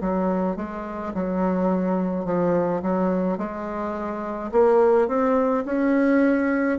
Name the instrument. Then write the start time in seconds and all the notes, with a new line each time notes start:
bassoon
0.00 F#3
0.56 G#3
1.14 F#3
2.25 F3
2.81 F#3
3.37 G#3
4.51 A#3
5.07 C4
5.65 C#4